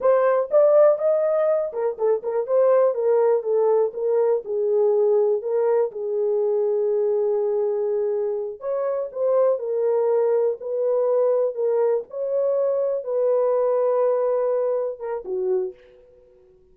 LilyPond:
\new Staff \with { instrumentName = "horn" } { \time 4/4 \tempo 4 = 122 c''4 d''4 dis''4. ais'8 | a'8 ais'8 c''4 ais'4 a'4 | ais'4 gis'2 ais'4 | gis'1~ |
gis'4. cis''4 c''4 ais'8~ | ais'4. b'2 ais'8~ | ais'8 cis''2 b'4.~ | b'2~ b'8 ais'8 fis'4 | }